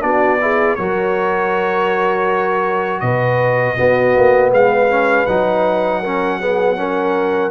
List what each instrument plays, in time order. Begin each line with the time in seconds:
0.00 tuba B3, trombone D4, horn F#4, trumpet D5
0.41 trombone E4, horn G#4
0.75 tuba F#3, trombone F#4, horn A#4, trumpet C#5
3.00 tuba B2, horn B4, trumpet D#5
3.77 trombone B3, tuba B3, horn F#4
4.17 tuba A#3
4.52 tuba G#3, horn B4, trumpet F5
4.89 trombone C#4
5.26 tuba F#3, trombone D#4, trumpet F#5
6.01 trombone C#4, horn A#4
6.39 trombone B3, horn G#4
6.76 trombone C#4, horn A#4